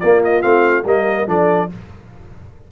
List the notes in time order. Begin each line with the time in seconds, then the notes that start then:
0.00 A#3 F4 D5
0.25 D#5
0.42 A3 C4 F5
0.85 G3 A#3 A#4 D#5
1.27 F3 D4 A4 D5